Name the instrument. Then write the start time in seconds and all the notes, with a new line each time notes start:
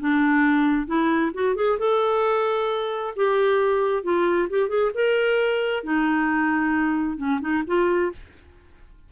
clarinet
0.00 D4
0.86 E4
1.34 F#4
1.55 G#4
1.78 A4
3.16 G4
4.03 F4
4.49 G4
4.69 G#4
4.94 A#4
5.83 D#4
7.17 C#4
7.41 D#4
7.67 F4